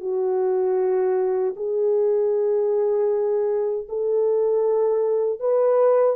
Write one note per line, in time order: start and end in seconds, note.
0.00 1.54 F#4
1.56 3.86 G#4
3.88 5.40 A4
5.40 6.16 B4